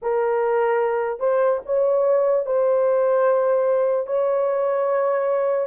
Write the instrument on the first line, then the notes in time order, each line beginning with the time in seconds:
horn
0.01 A#4
1.19 C5
1.65 C#5
2.46 C5
4.07 C#5